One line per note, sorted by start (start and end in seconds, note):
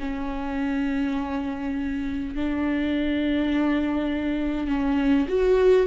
0.00 2.35 C#4
2.35 4.68 D4
4.68 5.27 C#4
5.29 5.87 F#4